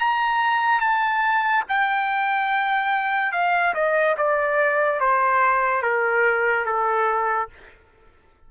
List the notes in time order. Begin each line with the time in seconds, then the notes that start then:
0.00 A#5
0.81 A5
1.69 G5
3.32 F5
3.74 D#5
4.17 D5
5.00 C5
5.82 A#4
6.66 A4